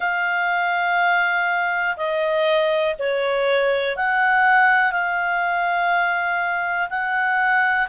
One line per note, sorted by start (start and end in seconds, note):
0.00 1.95 F5
1.97 2.95 D#5
2.98 3.96 C#5
3.96 4.92 F#5
4.92 6.89 F5
6.89 7.88 F#5